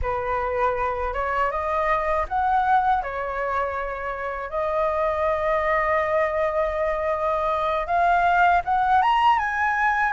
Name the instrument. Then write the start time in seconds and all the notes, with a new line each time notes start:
flute
0.01 B4
1.13 C#5
1.51 D#5
2.28 F#5
3.02 C#5
4.49 D#5
7.86 F5
8.65 F#5
9.02 A#5
9.38 G#5